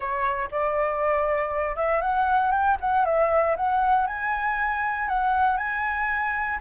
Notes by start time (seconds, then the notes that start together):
0.00 C#5
0.51 D5
1.76 E5
2.01 F#5
2.51 G5
2.80 F#5
3.05 E5
3.56 F#5
4.06 G#5
5.08 F#5
5.57 G#5